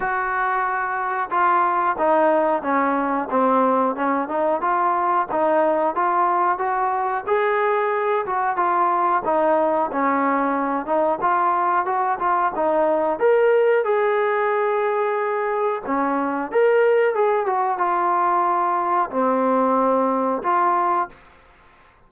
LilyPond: \new Staff \with { instrumentName = "trombone" } { \time 4/4 \tempo 4 = 91 fis'2 f'4 dis'4 | cis'4 c'4 cis'8 dis'8 f'4 | dis'4 f'4 fis'4 gis'4~ | gis'8 fis'8 f'4 dis'4 cis'4~ |
cis'8 dis'8 f'4 fis'8 f'8 dis'4 | ais'4 gis'2. | cis'4 ais'4 gis'8 fis'8 f'4~ | f'4 c'2 f'4 | }